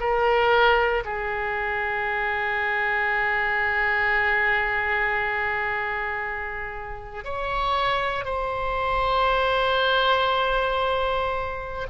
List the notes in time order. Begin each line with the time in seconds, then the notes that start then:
0.00 A#4
1.05 G#4
7.24 C#5
8.24 C5